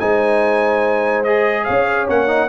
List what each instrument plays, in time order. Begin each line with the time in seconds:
0.00 tuba G#3, trombone D#4, horn C5, trumpet G#5
1.24 trombone G#4, trumpet D#5
1.64 tuba C#4, horn C#5, trumpet F5
2.09 tuba A#3, trombone C#4, trumpet F#5
2.28 trombone D#4